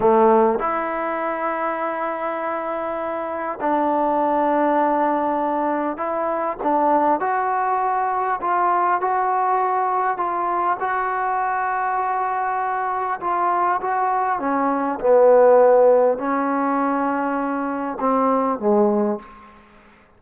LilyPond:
\new Staff \with { instrumentName = "trombone" } { \time 4/4 \tempo 4 = 100 a4 e'2.~ | e'2 d'2~ | d'2 e'4 d'4 | fis'2 f'4 fis'4~ |
fis'4 f'4 fis'2~ | fis'2 f'4 fis'4 | cis'4 b2 cis'4~ | cis'2 c'4 gis4 | }